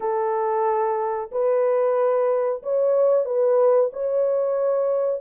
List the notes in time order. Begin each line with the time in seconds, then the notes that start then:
0.00 A4
1.31 B4
2.62 C#5
3.25 B4
3.92 C#5